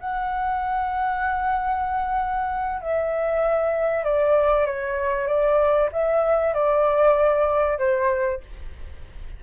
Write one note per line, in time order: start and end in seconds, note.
0.00 2.81 F#5
2.82 4.04 E5
4.04 4.66 D5
4.66 5.27 C#5
5.27 5.90 D5
5.92 6.54 E5
6.54 7.79 D5
7.79 8.41 C5